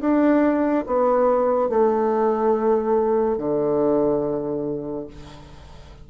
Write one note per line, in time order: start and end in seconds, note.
0.00 0.85 D4
0.86 1.69 B3
1.69 3.37 A3
3.37 5.06 D3